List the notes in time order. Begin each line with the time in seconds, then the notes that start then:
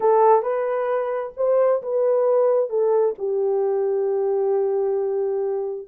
0.00 A4
0.42 B4
1.36 C5
1.82 B4
2.69 A4
3.18 G4